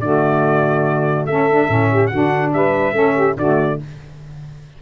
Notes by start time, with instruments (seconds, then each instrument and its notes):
0.00 tuba D3, saxophone A3 F#4, trumpet D5
1.26 tuba A3, saxophone C#4 A4, trumpet E5
1.51 saxophone D4
1.68 tuba A2, saxophone C#4
1.91 saxophone G4
2.07 tuba D3, saxophone F#4, trumpet F#5
2.13 saxophone D4
2.53 tuba G3, saxophone B4, trumpet E5
2.92 tuba A3, saxophone C#4 A4
3.15 saxophone G4
3.37 tuba D3, saxophone A3 F#4, trumpet D5